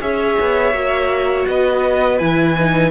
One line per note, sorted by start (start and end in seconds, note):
0.00 0.37 C#4
0.00 0.73 G#4
0.00 1.47 C#5
0.00 1.47 E5
0.39 0.72 B3
0.72 1.46 A#3
0.72 2.19 F#4
1.48 2.20 B3
1.48 2.91 B4
1.48 2.18 D#5
2.18 2.91 E3
2.18 2.55 E4
2.18 2.91 G#5
2.57 2.91 D#4